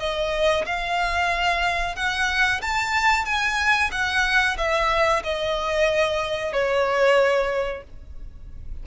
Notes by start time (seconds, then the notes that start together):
0.00 D#5
0.66 F5
1.96 F#5
2.62 A5
3.25 G#5
3.92 F#5
4.57 E5
5.24 D#5
6.53 C#5